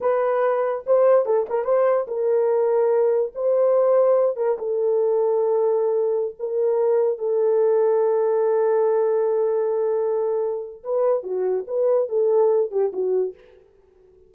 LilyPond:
\new Staff \with { instrumentName = "horn" } { \time 4/4 \tempo 4 = 144 b'2 c''4 a'8 ais'8 | c''4 ais'2. | c''2~ c''8 ais'8 a'4~ | a'2.~ a'16 ais'8.~ |
ais'4~ ais'16 a'2~ a'8.~ | a'1~ | a'2 b'4 fis'4 | b'4 a'4. g'8 fis'4 | }